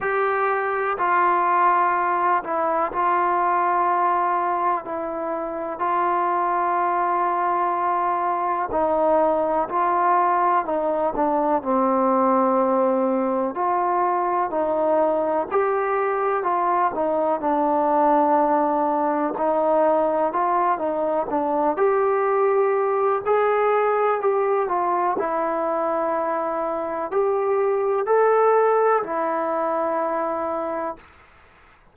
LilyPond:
\new Staff \with { instrumentName = "trombone" } { \time 4/4 \tempo 4 = 62 g'4 f'4. e'8 f'4~ | f'4 e'4 f'2~ | f'4 dis'4 f'4 dis'8 d'8 | c'2 f'4 dis'4 |
g'4 f'8 dis'8 d'2 | dis'4 f'8 dis'8 d'8 g'4. | gis'4 g'8 f'8 e'2 | g'4 a'4 e'2 | }